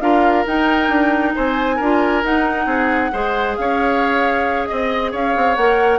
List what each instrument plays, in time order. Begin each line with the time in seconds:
0.00 bassoon D4, clarinet F4, oboe A#4, flute F5
0.46 bassoon D#4, clarinet D#4, flute G5
0.88 bassoon D4
1.35 bassoon C4, oboe C5, flute G#5
1.76 bassoon D4, clarinet F4, oboe A#4
2.23 clarinet D#4, bassoon D#4, flute F#5
2.65 bassoon C4, oboe G#4
3.12 bassoon G#3, clarinet G#4, oboe C5
3.56 bassoon C#4, oboe C#5, flute F5
4.66 bassoon C4, flute D#5, oboe D#5
5.12 bassoon C#4, oboe C#5, flute F5
5.36 bassoon C4
5.56 bassoon A#3, clarinet A#4, flute F#5